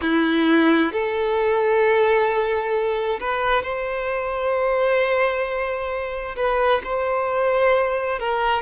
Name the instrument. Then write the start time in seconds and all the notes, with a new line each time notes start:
violin
0.01 E4
0.92 A4
3.20 B4
3.62 C5
6.36 B4
6.84 C5
8.19 A#4